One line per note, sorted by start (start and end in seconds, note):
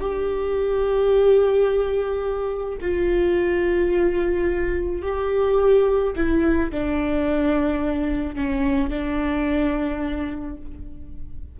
0.00 2.78 G4
2.81 5.02 F4
5.02 6.13 G4
6.15 6.71 E4
6.71 8.35 D4
8.35 8.89 C#4
8.89 10.56 D4